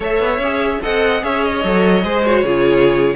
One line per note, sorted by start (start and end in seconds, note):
0.00 0.19 A3
0.00 0.40 A4
0.00 0.81 C#5
0.00 0.83 E5
0.19 0.38 B3
0.38 0.79 C#4
0.38 0.82 G#4
0.82 1.23 C4
0.82 1.20 A4
0.82 1.23 D#5
0.82 1.23 F#5
1.20 1.63 C#4
1.20 1.61 G#4
1.20 2.04 C#5
1.20 1.43 E5
1.43 2.25 D#5
1.63 2.03 F#3
1.63 2.03 A4
2.03 2.43 G#3
2.03 2.24 G#4
2.03 2.43 C5
2.25 2.44 F#4
2.25 3.16 C#5
2.43 3.15 C#3
2.43 3.16 F4
2.43 3.14 G#4